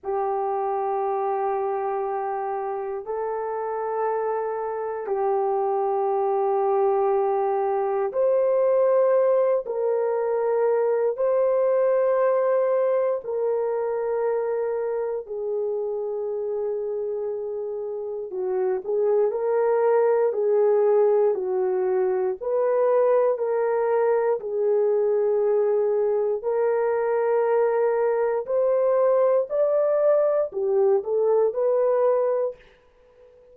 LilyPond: \new Staff \with { instrumentName = "horn" } { \time 4/4 \tempo 4 = 59 g'2. a'4~ | a'4 g'2. | c''4. ais'4. c''4~ | c''4 ais'2 gis'4~ |
gis'2 fis'8 gis'8 ais'4 | gis'4 fis'4 b'4 ais'4 | gis'2 ais'2 | c''4 d''4 g'8 a'8 b'4 | }